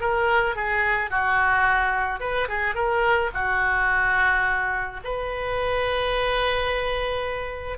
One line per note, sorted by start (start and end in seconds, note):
0.00 0.55 A#4
0.55 1.10 G#4
1.10 2.20 F#4
2.20 2.47 B4
2.48 2.74 G#4
2.74 3.30 A#4
3.33 5.00 F#4
5.04 7.78 B4